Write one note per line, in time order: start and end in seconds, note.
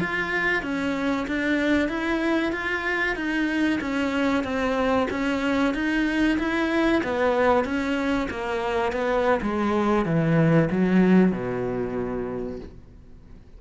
0.00 0.63 F4
0.63 1.26 C#4
1.27 1.89 D4
1.89 2.52 E4
2.52 3.16 F4
3.16 3.80 D#4
3.81 4.44 C#4
4.44 5.08 C4
5.11 5.74 C#4
5.74 6.38 D#4
6.39 7.02 E4
7.04 7.65 B3
7.65 8.28 C#4
8.30 8.92 A#3
8.92 9.40 B3
9.42 10.05 G#3
10.05 10.69 E3
10.71 11.32 F#3
11.32 12.60 B2